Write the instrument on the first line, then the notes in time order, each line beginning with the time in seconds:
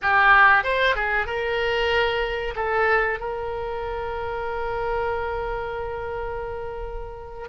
oboe
0.02 G4
0.63 C5
0.95 G#4
1.26 A#4
2.55 A4
3.19 A#4